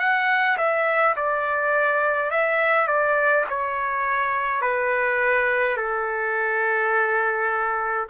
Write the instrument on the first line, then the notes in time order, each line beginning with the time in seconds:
trumpet
0.00 F#5
0.58 E5
1.16 D5
2.31 E5
2.88 D5
3.49 C#5
4.62 B4
5.77 A4